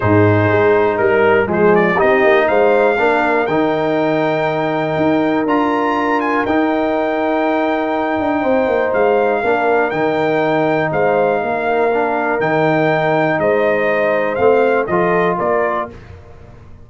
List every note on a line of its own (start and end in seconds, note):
0.00 0.51 G#2
0.00 1.46 D#4
0.00 0.98 G#4
0.00 0.97 C5
0.51 0.98 G#3
0.97 1.47 G3
0.97 1.47 A#4
0.97 1.48 A#4
1.46 1.97 F3
1.46 1.95 G#3
1.46 1.95 G#4
1.52 1.75 C5
1.75 1.99 D5
1.95 2.96 D#4
1.95 2.44 G4
1.95 2.48 D#5
2.01 2.23 C4
2.23 2.48 A#3
2.48 2.99 G#3
2.48 2.97 C5
2.48 3.46 F5
2.98 3.47 A#3
2.98 3.48 D4
2.98 8.40 A#4
3.46 4.96 D#3
3.46 5.47 D#4
3.46 5.44 G5
4.96 5.45 D#4
5.45 6.44 D4
5.45 6.46 F4
5.45 6.20 A#5
6.20 6.45 G#5
6.45 8.19 D#4
6.45 9.44 D#4
6.45 8.93 G5
8.19 8.43 D4
8.40 8.67 C4
8.40 9.40 C5
8.67 8.92 A#3
8.93 9.43 G#3
8.93 9.90 F5
9.40 9.92 A#3
9.40 9.92 D4
9.40 10.89 A#4
9.90 10.91 D#3
9.90 11.90 D#4
9.90 10.89 G5
10.91 11.41 G#3
10.91 11.41 C5
10.91 12.40 F5
11.41 12.40 A#3
11.41 13.39 A#4
11.93 12.40 D4
12.40 13.38 D#3
12.40 14.37 D#4
12.40 13.39 G5
13.38 14.37 G#3
13.38 14.88 C5
13.38 14.35 D#5
14.35 14.87 A3
14.35 14.87 C4
14.35 14.84 F5
14.87 15.37 F3
14.87 15.90 F4
14.87 15.37 A4
14.87 15.36 D#5
15.37 15.89 A#3
15.37 15.87 A#4
15.37 15.88 D5